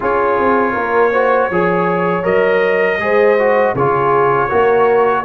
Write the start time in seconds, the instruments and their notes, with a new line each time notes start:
0.00 tuba C#4, trombone F4, horn G#4, trumpet C#5
0.39 tuba C4
0.72 tuba A#3, horn A#4
1.12 trombone F#4, horn C5
1.49 tuba F3, trombone G#4, horn C#5
2.23 tuba F#3, trombone A#4, trumpet D#5
2.98 tuba G#3, trombone G#4, horn C5
3.38 trombone F#4
3.74 tuba C#3, trombone F4, horn G#4, trumpet C#5
4.48 tuba A#3, trombone F#4, horn A#4